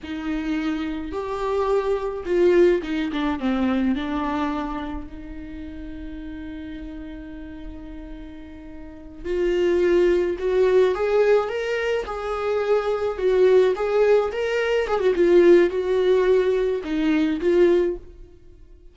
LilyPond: \new Staff \with { instrumentName = "viola" } { \time 4/4 \tempo 4 = 107 dis'2 g'2 | f'4 dis'8 d'8 c'4 d'4~ | d'4 dis'2.~ | dis'1~ |
dis'8 f'2 fis'4 gis'8~ | gis'8 ais'4 gis'2 fis'8~ | fis'8 gis'4 ais'4 gis'16 fis'16 f'4 | fis'2 dis'4 f'4 | }